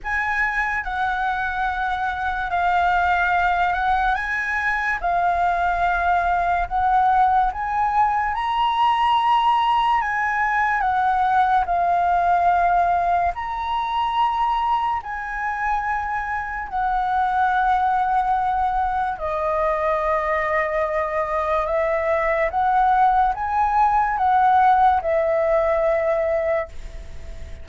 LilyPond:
\new Staff \with { instrumentName = "flute" } { \time 4/4 \tempo 4 = 72 gis''4 fis''2 f''4~ | f''8 fis''8 gis''4 f''2 | fis''4 gis''4 ais''2 | gis''4 fis''4 f''2 |
ais''2 gis''2 | fis''2. dis''4~ | dis''2 e''4 fis''4 | gis''4 fis''4 e''2 | }